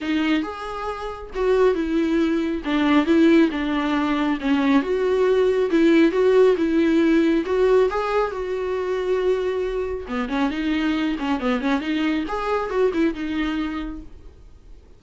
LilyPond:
\new Staff \with { instrumentName = "viola" } { \time 4/4 \tempo 4 = 137 dis'4 gis'2 fis'4 | e'2 d'4 e'4 | d'2 cis'4 fis'4~ | fis'4 e'4 fis'4 e'4~ |
e'4 fis'4 gis'4 fis'4~ | fis'2. b8 cis'8 | dis'4. cis'8 b8 cis'8 dis'4 | gis'4 fis'8 e'8 dis'2 | }